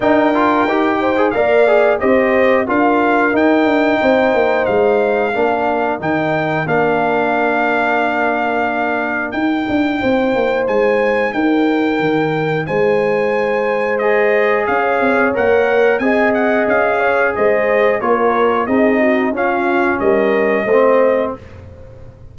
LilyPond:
<<
  \new Staff \with { instrumentName = "trumpet" } { \time 4/4 \tempo 4 = 90 g''2 f''4 dis''4 | f''4 g''2 f''4~ | f''4 g''4 f''2~ | f''2 g''2 |
gis''4 g''2 gis''4~ | gis''4 dis''4 f''4 fis''4 | gis''8 fis''8 f''4 dis''4 cis''4 | dis''4 f''4 dis''2 | }
  \new Staff \with { instrumentName = "horn" } { \time 4/4 ais'4. c''8 d''4 c''4 | ais'2 c''2 | ais'1~ | ais'2. c''4~ |
c''4 ais'2 c''4~ | c''2 cis''2 | dis''4. cis''8 c''4 ais'4 | gis'8 fis'8 f'4 ais'4 c''4 | }
  \new Staff \with { instrumentName = "trombone" } { \time 4/4 dis'8 f'8 g'8. gis'16 ais'8 gis'8 g'4 | f'4 dis'2. | d'4 dis'4 d'2~ | d'2 dis'2~ |
dis'1~ | dis'4 gis'2 ais'4 | gis'2. f'4 | dis'4 cis'2 c'4 | }
  \new Staff \with { instrumentName = "tuba" } { \time 4/4 d'4 dis'4 ais4 c'4 | d'4 dis'8 d'8 c'8 ais8 gis4 | ais4 dis4 ais2~ | ais2 dis'8 d'8 c'8 ais8 |
gis4 dis'4 dis4 gis4~ | gis2 cis'8 c'8 ais4 | c'4 cis'4 gis4 ais4 | c'4 cis'4 g4 a4 | }
>>